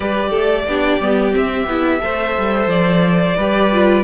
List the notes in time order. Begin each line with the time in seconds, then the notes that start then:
0.00 G3 G4 B4 D5
0.29 A3 A4
0.66 B3 D4 G4
1.00 G3 B3
1.31 C4 E5
1.66 B3 E4
2.00 A3 A4 C5
2.37 G3
2.66 F3 D5
3.36 G3 G4 B4
3.72 F4